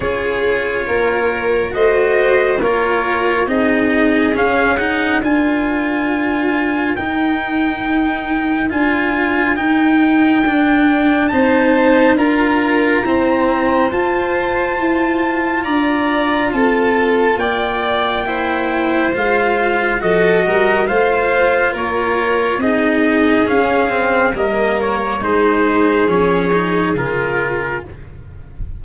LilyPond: <<
  \new Staff \with { instrumentName = "trumpet" } { \time 4/4 \tempo 4 = 69 cis''2 dis''4 cis''4 | dis''4 f''8 fis''8 gis''2 | g''2 gis''4 g''4~ | g''4 a''4 ais''2 |
a''2 ais''4 a''4 | g''2 f''4 dis''4 | f''4 cis''4 dis''4 f''4 | dis''8 cis''8 c''4 cis''4 ais'4 | }
  \new Staff \with { instrumentName = "violin" } { \time 4/4 gis'4 ais'4 c''4 ais'4 | gis'2 ais'2~ | ais'1~ | ais'4 c''4 ais'4 c''4~ |
c''2 d''4 a'4 | d''4 c''2 a'8 ais'8 | c''4 ais'4 gis'2 | ais'4 gis'2. | }
  \new Staff \with { instrumentName = "cello" } { \time 4/4 f'2 fis'4 f'4 | dis'4 cis'8 dis'8 f'2 | dis'2 f'4 dis'4 | d'4 dis'4 f'4 c'4 |
f'1~ | f'4 e'4 f'4 fis'4 | f'2 dis'4 cis'8 c'8 | ais4 dis'4 cis'8 dis'8 f'4 | }
  \new Staff \with { instrumentName = "tuba" } { \time 4/4 cis'4 ais4 a4 ais4 | c'4 cis'4 d'2 | dis'2 d'4 dis'4 | d'4 c'4 d'4 e'4 |
f'4 e'4 d'4 c'4 | ais2 gis4 f8 g8 | a4 ais4 c'4 cis'4 | g4 gis4 f4 cis4 | }
>>